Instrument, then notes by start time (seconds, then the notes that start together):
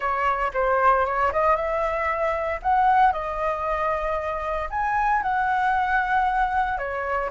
flute
0.00 C#5
0.53 C5
1.05 C#5
1.32 D#5
1.55 E5
2.62 F#5
3.12 D#5
4.70 G#5
5.22 F#5
6.78 C#5